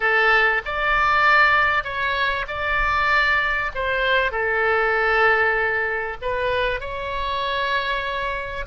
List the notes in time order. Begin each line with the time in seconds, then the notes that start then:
0.00 A4
0.65 D5
1.84 C#5
2.47 D5
3.74 C5
4.31 A4
6.21 B4
6.80 C#5